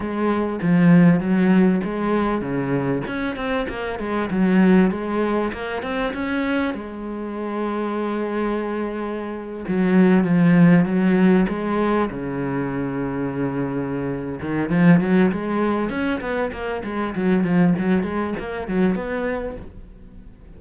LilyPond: \new Staff \with { instrumentName = "cello" } { \time 4/4 \tempo 4 = 98 gis4 f4 fis4 gis4 | cis4 cis'8 c'8 ais8 gis8 fis4 | gis4 ais8 c'8 cis'4 gis4~ | gis2.~ gis8. fis16~ |
fis8. f4 fis4 gis4 cis16~ | cis2.~ cis8 dis8 | f8 fis8 gis4 cis'8 b8 ais8 gis8 | fis8 f8 fis8 gis8 ais8 fis8 b4 | }